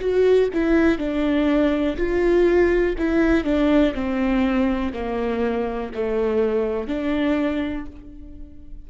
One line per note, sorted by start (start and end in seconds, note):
0.00 0.49 F#4
0.54 0.98 E4
0.98 1.97 D4
1.97 2.96 F4
2.98 3.44 E4
3.44 3.93 D4
3.94 4.93 C4
4.93 5.92 A#3
5.95 6.88 A3
6.88 7.86 D4